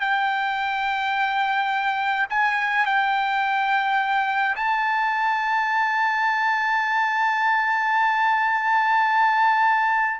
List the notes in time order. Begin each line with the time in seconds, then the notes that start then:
0.00 G5
2.30 G#5
2.85 G5
4.55 A5